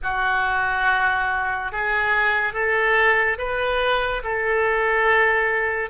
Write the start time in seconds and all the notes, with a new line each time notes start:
0.02 F#4
1.71 G#4
2.53 A4
3.38 B4
4.23 A4